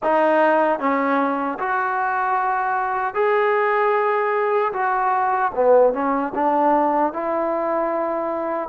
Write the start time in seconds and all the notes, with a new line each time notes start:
0.03 D#4
0.79 C#4
1.59 F#4
3.14 G#4
4.72 F#4
5.54 B3
5.93 C#4
6.34 D4
7.13 E4